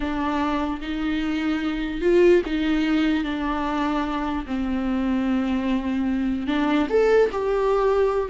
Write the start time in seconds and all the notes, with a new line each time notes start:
0.00 D4
0.81 D#4
2.01 F4
2.45 D#4
3.24 D4
4.46 C4
6.47 D4
6.89 A4
7.32 G4